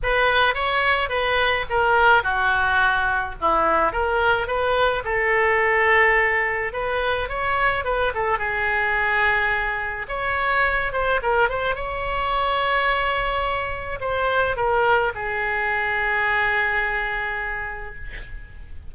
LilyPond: \new Staff \with { instrumentName = "oboe" } { \time 4/4 \tempo 4 = 107 b'4 cis''4 b'4 ais'4 | fis'2 e'4 ais'4 | b'4 a'2. | b'4 cis''4 b'8 a'8 gis'4~ |
gis'2 cis''4. c''8 | ais'8 c''8 cis''2.~ | cis''4 c''4 ais'4 gis'4~ | gis'1 | }